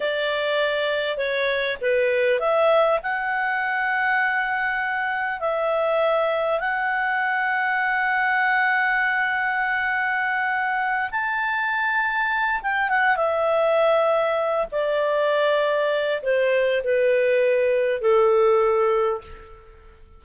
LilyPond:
\new Staff \with { instrumentName = "clarinet" } { \time 4/4 \tempo 4 = 100 d''2 cis''4 b'4 | e''4 fis''2.~ | fis''4 e''2 fis''4~ | fis''1~ |
fis''2~ fis''8 a''4.~ | a''4 g''8 fis''8 e''2~ | e''8 d''2~ d''8 c''4 | b'2 a'2 | }